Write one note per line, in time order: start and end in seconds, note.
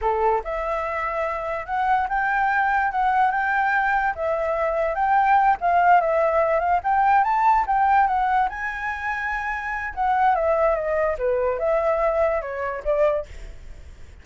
0.01 0.42 A4
0.44 1.66 E5
1.66 2.07 F#5
2.09 2.91 G5
2.91 3.31 F#5
3.31 4.14 G5
4.15 4.94 E5
4.94 5.56 G5
5.60 6.00 F5
6.00 6.59 E5
6.59 6.80 F5
6.83 7.24 G5
7.24 7.65 A5
7.66 8.07 G5
8.07 8.48 F#5
8.49 9.93 G#5
9.94 10.35 F#5
10.35 10.75 E5
10.75 11.16 D#5
11.18 11.59 B4
11.59 12.41 E5
12.41 12.83 C#5
12.84 13.25 D5